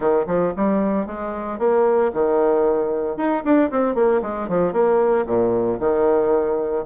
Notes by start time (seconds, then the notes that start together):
0.00 D#3
0.26 F3
0.56 G3
1.06 G#3
1.59 A#3
2.13 D#3
3.17 D#4
3.44 D4
3.70 C4
3.94 A#3
4.22 G#3
4.48 F3
4.72 A#3
5.26 A#2
5.79 D#3